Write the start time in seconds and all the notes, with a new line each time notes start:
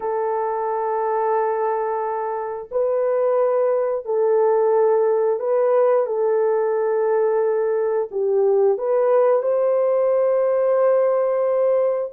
0.00 A4
2.71 B4
4.05 A4
5.39 B4
6.06 A4
8.11 G4
8.78 B4
9.42 C5